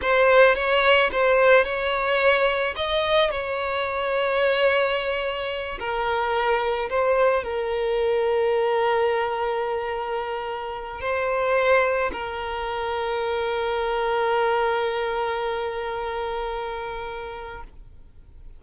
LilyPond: \new Staff \with { instrumentName = "violin" } { \time 4/4 \tempo 4 = 109 c''4 cis''4 c''4 cis''4~ | cis''4 dis''4 cis''2~ | cis''2~ cis''8 ais'4.~ | ais'8 c''4 ais'2~ ais'8~ |
ais'1 | c''2 ais'2~ | ais'1~ | ais'1 | }